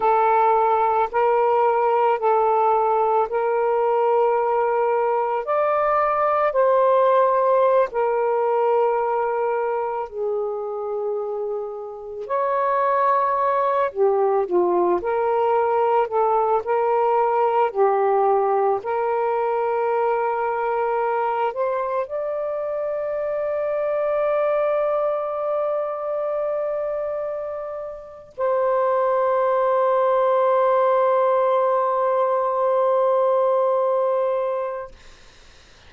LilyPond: \new Staff \with { instrumentName = "saxophone" } { \time 4/4 \tempo 4 = 55 a'4 ais'4 a'4 ais'4~ | ais'4 d''4 c''4~ c''16 ais'8.~ | ais'4~ ais'16 gis'2 cis''8.~ | cis''8. g'8 f'8 ais'4 a'8 ais'8.~ |
ais'16 g'4 ais'2~ ais'8 c''16~ | c''16 d''2.~ d''8.~ | d''2 c''2~ | c''1 | }